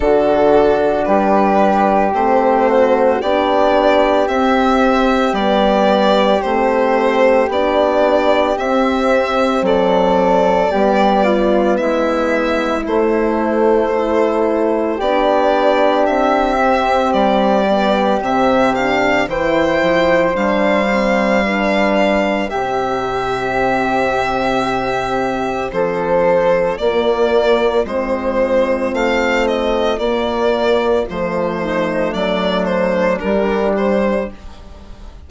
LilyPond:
<<
  \new Staff \with { instrumentName = "violin" } { \time 4/4 \tempo 4 = 56 a'4 b'4 c''4 d''4 | e''4 d''4 c''4 d''4 | e''4 d''2 e''4 | c''2 d''4 e''4 |
d''4 e''8 f''8 g''4 f''4~ | f''4 e''2. | c''4 d''4 c''4 f''8 dis''8 | d''4 c''4 d''8 c''8 ais'8 c''8 | }
  \new Staff \with { instrumentName = "flute" } { \time 4/4 fis'4 g'4. fis'8 g'4~ | g'1~ | g'4 a'4 g'8 f'8 e'4~ | e'4 a'4 g'2~ |
g'2 c''2 | b'4 g'2. | a'4 f'2.~ | f'4. dis'8 d'2 | }
  \new Staff \with { instrumentName = "horn" } { \time 4/4 d'2 c'4 d'4 | c'4 b4 c'4 d'4 | c'2 b2 | a4 e'4 d'4. c'8~ |
c'8 b8 c'8 d'8 e'4 d'8 c'8 | d'4 c'2.~ | c'4 ais4 c'2 | ais4 a2 g4 | }
  \new Staff \with { instrumentName = "bassoon" } { \time 4/4 d4 g4 a4 b4 | c'4 g4 a4 b4 | c'4 fis4 g4 gis4 | a2 b4 c'4 |
g4 c4 e8 f8 g4~ | g4 c2. | f4 ais4 gis4 a4 | ais4 f4 fis4 g4 | }
>>